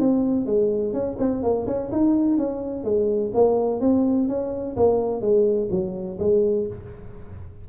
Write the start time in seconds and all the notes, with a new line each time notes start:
0.00 C4
0.47 G#3
0.94 C#4
1.19 C4
1.43 A#3
1.67 C#4
1.92 D#4
2.38 C#4
2.84 G#3
3.35 A#3
3.81 C4
4.29 C#4
4.77 A#3
5.22 G#3
5.71 F#3
6.20 G#3